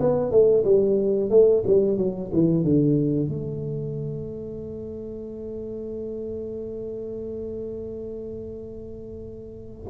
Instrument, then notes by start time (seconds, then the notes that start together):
tuba
0.00 B3
0.31 A3
0.64 G3
1.30 A3
1.67 G3
1.98 F#3
2.33 E3
2.64 D3
3.29 A3